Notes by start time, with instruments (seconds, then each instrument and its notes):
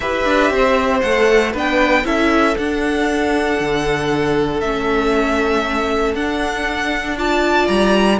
0.00 cello E4, viola G4, violin B4 E5
0.25 cello D4
0.51 cello C4, violin C5
1.01 cello A3, viola A4, violin F#5
1.52 cello B3, viola D4, violin B4 G5
2.04 cello C#4, viola E4, violin A4 E5
2.57 cello D4, viola D4, violin F#5
3.60 cello D3
4.60 cello A3, viola C#4, violin E5
6.13 cello D4, viola D4, violin F#5
7.17 viola F4, violin D5 A5
7.67 cello G3, violin A#5